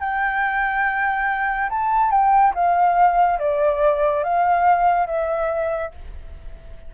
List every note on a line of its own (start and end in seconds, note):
0.00 1.69 G5
1.69 2.10 A5
2.10 2.53 G5
2.54 3.39 F5
3.39 4.23 D5
4.23 5.06 F5
5.06 5.91 E5